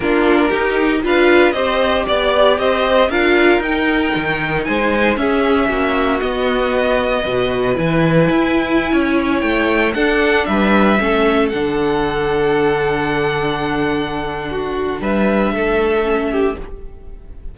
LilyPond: <<
  \new Staff \with { instrumentName = "violin" } { \time 4/4 \tempo 4 = 116 ais'2 f''4 dis''4 | d''4 dis''4 f''4 g''4~ | g''4 gis''4 e''2 | dis''2. gis''4~ |
gis''2~ gis''16 g''4 fis''8.~ | fis''16 e''2 fis''4.~ fis''16~ | fis''1~ | fis''4 e''2. | }
  \new Staff \with { instrumentName = "violin" } { \time 4/4 f'4 g'4 b'4 c''4 | d''4 c''4 ais'2~ | ais'4 c''4 gis'4 fis'4~ | fis'2 b'2~ |
b'4~ b'16 cis''2 a'8.~ | a'16 b'4 a'2~ a'8.~ | a'1 | fis'4 b'4 a'4. g'8 | }
  \new Staff \with { instrumentName = "viola" } { \time 4/4 d'4 dis'4 f'4 g'4~ | g'2 f'4 dis'4~ | dis'2 cis'2 | b2 fis'4 e'4~ |
e'2.~ e'16 d'8.~ | d'4~ d'16 cis'4 d'4.~ d'16~ | d'1~ | d'2. cis'4 | }
  \new Staff \with { instrumentName = "cello" } { \time 4/4 ais4 dis'4 d'4 c'4 | b4 c'4 d'4 dis'4 | dis4 gis4 cis'4 ais4 | b2 b,4 e4 |
e'4~ e'16 cis'4 a4 d'8.~ | d'16 g4 a4 d4.~ d16~ | d1~ | d4 g4 a2 | }
>>